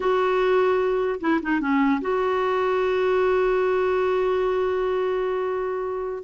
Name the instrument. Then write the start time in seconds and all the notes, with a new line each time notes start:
clarinet
0.00 F#4
1.20 E4
1.42 D#4
1.60 C#4
2.01 F#4